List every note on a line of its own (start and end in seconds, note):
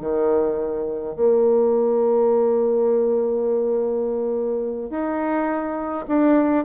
0.00 1.15 D#3
1.16 4.90 A#3
4.90 6.05 D#4
6.08 6.65 D4